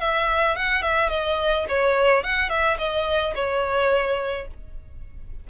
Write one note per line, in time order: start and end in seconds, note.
0.00 0.56 E5
0.56 0.82 F#5
0.82 1.10 E5
1.10 1.66 D#5
1.69 2.23 C#5
2.23 2.50 F#5
2.50 2.78 E5
2.78 3.34 D#5
3.35 4.47 C#5